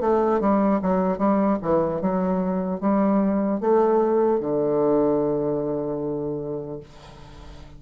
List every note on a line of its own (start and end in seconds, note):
0.00 0.40 A3
0.40 0.80 G3
0.82 1.18 F#3
1.18 1.58 G3
1.61 2.01 E3
2.01 2.80 F#3
2.80 3.60 G3
3.60 4.40 A3
4.40 6.80 D3